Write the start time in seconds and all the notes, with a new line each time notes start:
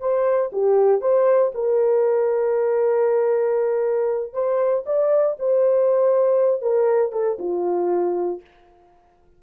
0.00 C5
0.52 G4
1.01 C5
1.54 A#4
4.33 C5
4.86 D5
5.39 C5
6.62 A#4
7.12 A4
7.39 F4